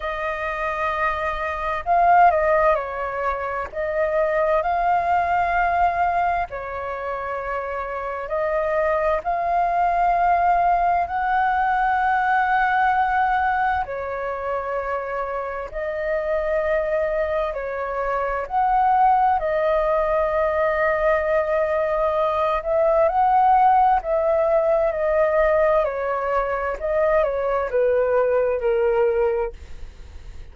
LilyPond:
\new Staff \with { instrumentName = "flute" } { \time 4/4 \tempo 4 = 65 dis''2 f''8 dis''8 cis''4 | dis''4 f''2 cis''4~ | cis''4 dis''4 f''2 | fis''2. cis''4~ |
cis''4 dis''2 cis''4 | fis''4 dis''2.~ | dis''8 e''8 fis''4 e''4 dis''4 | cis''4 dis''8 cis''8 b'4 ais'4 | }